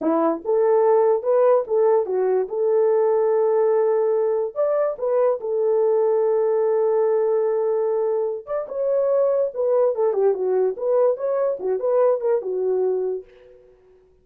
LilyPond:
\new Staff \with { instrumentName = "horn" } { \time 4/4 \tempo 4 = 145 e'4 a'2 b'4 | a'4 fis'4 a'2~ | a'2. d''4 | b'4 a'2.~ |
a'1~ | a'8 d''8 cis''2 b'4 | a'8 g'8 fis'4 b'4 cis''4 | fis'8 b'4 ais'8 fis'2 | }